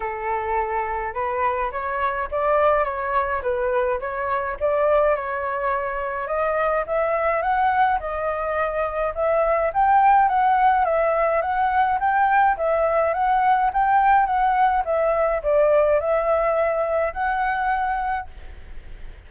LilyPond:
\new Staff \with { instrumentName = "flute" } { \time 4/4 \tempo 4 = 105 a'2 b'4 cis''4 | d''4 cis''4 b'4 cis''4 | d''4 cis''2 dis''4 | e''4 fis''4 dis''2 |
e''4 g''4 fis''4 e''4 | fis''4 g''4 e''4 fis''4 | g''4 fis''4 e''4 d''4 | e''2 fis''2 | }